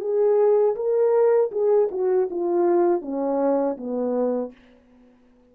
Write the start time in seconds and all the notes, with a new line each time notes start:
0.00 G#4
0.75 A#4
1.51 G#4
1.91 F#4
2.30 F4
3.01 C#4
3.77 B3